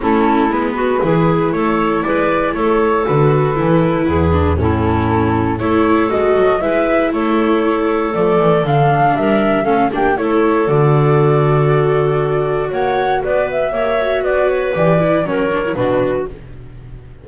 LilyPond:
<<
  \new Staff \with { instrumentName = "flute" } { \time 4/4 \tempo 4 = 118 a'4 b'2 cis''4 | d''4 cis''4 b'2~ | b'4 a'2 cis''4 | dis''4 e''4 cis''2 |
d''4 f''4 e''4 f''8 g''8 | cis''4 d''2.~ | d''4 fis''4 d''8 e''4. | d''8 cis''8 d''4 cis''4 b'4 | }
  \new Staff \with { instrumentName = "clarinet" } { \time 4/4 e'4. fis'8 gis'4 a'4 | b'4 a'2. | gis'4 e'2 a'4~ | a'4 b'4 a'2~ |
a'2 ais'4 a'8 g'8 | a'1~ | a'4 cis''4 b'4 cis''4 | b'2 ais'4 fis'4 | }
  \new Staff \with { instrumentName = "viola" } { \time 4/4 cis'4 b4 e'2~ | e'2 fis'4 e'4~ | e'8 d'8 cis'2 e'4 | fis'4 e'2. |
a4 d'2 cis'8 d'8 | e'4 fis'2.~ | fis'2. g'8 fis'8~ | fis'4 g'8 e'8 cis'8 d'16 e'16 d'4 | }
  \new Staff \with { instrumentName = "double bass" } { \time 4/4 a4 gis4 e4 a4 | gis4 a4 d4 e4 | e,4 a,2 a4 | gis8 fis8 gis4 a2 |
f8 e8 d4 g4 a8 ais8 | a4 d2.~ | d4 ais4 b4 ais4 | b4 e4 fis4 b,4 | }
>>